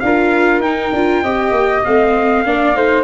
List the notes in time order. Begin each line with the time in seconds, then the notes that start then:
0.00 D4 F4 A#4 F5
0.60 D#4 G5
0.92 D4 F4
1.22 C4 G4 D#5
1.51 A#3
1.84 A3 C4 F5
2.45 A#3 D4 D5
2.74 A3 D#4 C5